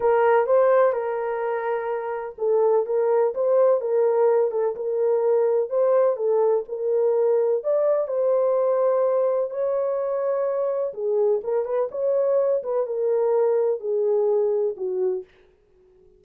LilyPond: \new Staff \with { instrumentName = "horn" } { \time 4/4 \tempo 4 = 126 ais'4 c''4 ais'2~ | ais'4 a'4 ais'4 c''4 | ais'4. a'8 ais'2 | c''4 a'4 ais'2 |
d''4 c''2. | cis''2. gis'4 | ais'8 b'8 cis''4. b'8 ais'4~ | ais'4 gis'2 fis'4 | }